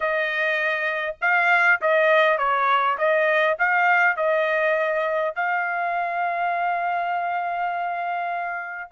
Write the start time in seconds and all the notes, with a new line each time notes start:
0.00 D#5
1.21 F5
1.81 D#5
2.38 C#5
2.97 D#5
3.58 F5
4.16 D#5
5.35 F5